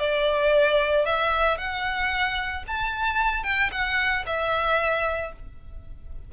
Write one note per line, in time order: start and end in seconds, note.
0.00 1.06 D5
1.06 1.58 E5
1.58 2.64 F#5
2.68 3.44 A5
3.44 3.70 G5
3.72 4.26 F#5
4.27 5.33 E5